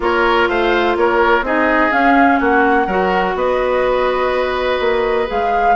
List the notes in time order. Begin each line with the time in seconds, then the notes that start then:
0.00 A#3 F4 A#4 C#5
0.48 A3 C5 F5
0.96 A#3 A#4 C#5
1.41 C4 D#4 G#4 D#5
1.90 C#4 F5
2.39 A#3 F#4 F#5
2.87 F#3 F#4 A#4
3.35 B3 B4 D#5
4.79 A#3
5.26 G#3 G#4 F5